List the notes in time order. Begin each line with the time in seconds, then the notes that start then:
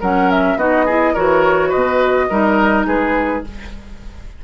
0.00 F#3 C#4 A#4 F#5
0.30 E5
0.56 B3 D#4 F#4 D#5
0.85 E4 G#4
1.13 E3 F#4 A#4 C#5
1.69 B2 B4 D#5
2.29 G3 D#4 A#4
2.86 G#3 G#4 B4